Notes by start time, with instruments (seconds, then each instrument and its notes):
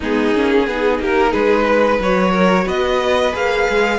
0.00 cello G#3, viola B3, violin D#4 G#4
0.34 cello A#3, viola C#4
0.66 cello B3, viola D#4, violin G#4
0.99 cello A#3, violin G4 A#4
1.31 cello G#3, violin G#4 B4
1.65 violin B4
1.99 cello F#3, viola F#4, violin C#5
2.31 violin A#4
2.65 cello B3, violin B4 D#5
3.32 cello A#3, viola G#4, violin F5
3.68 cello G#3